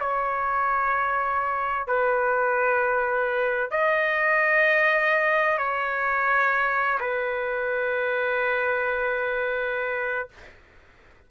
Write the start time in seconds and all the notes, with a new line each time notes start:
0.00 C#5
1.87 B4
3.71 D#5
5.58 C#5
7.01 B4